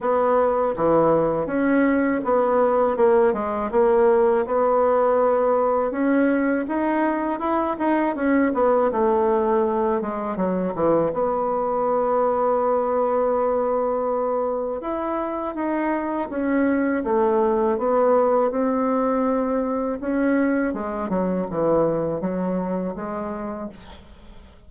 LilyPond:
\new Staff \with { instrumentName = "bassoon" } { \time 4/4 \tempo 4 = 81 b4 e4 cis'4 b4 | ais8 gis8 ais4 b2 | cis'4 dis'4 e'8 dis'8 cis'8 b8 | a4. gis8 fis8 e8 b4~ |
b1 | e'4 dis'4 cis'4 a4 | b4 c'2 cis'4 | gis8 fis8 e4 fis4 gis4 | }